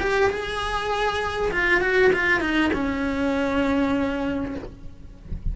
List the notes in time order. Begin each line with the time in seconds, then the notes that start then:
0.00 G4
0.30 G#4
1.52 F4
1.81 F#4
2.13 F4
2.41 D#4
2.74 C#4